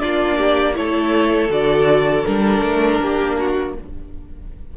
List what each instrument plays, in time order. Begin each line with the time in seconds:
0.00 cello A#3, viola D4, violin F4 D5
0.38 violin G4
0.74 cello A3, viola E4, violin A4 C#5
1.50 cello D3, viola F#4, violin D5
2.25 cello G3, viola D4, violin A#4
2.62 cello A3
3.01 cello A#3, violin G4
3.39 violin F#4